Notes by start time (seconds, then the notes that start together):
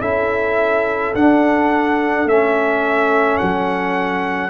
0.00 C#4 E4 A4 E5
1.14 D4 F#5
2.25 A3 C#4 E5
3.37 F#3 F#5